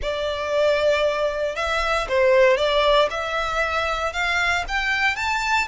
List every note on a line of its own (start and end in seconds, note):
0.02 1.55 D5
1.55 2.07 E5
2.08 2.57 C5
2.57 3.08 D5
3.10 4.12 E5
4.12 4.64 F5
4.67 5.16 G5
5.16 5.67 A5